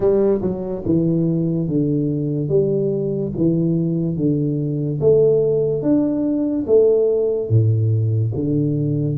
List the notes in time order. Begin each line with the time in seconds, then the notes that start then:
0.00 G3
0.41 F#3
0.85 E3
1.68 D3
2.48 G3
3.36 E3
4.16 D3
5.00 A3
5.82 D4
6.66 A3
7.49 A2
8.34 D3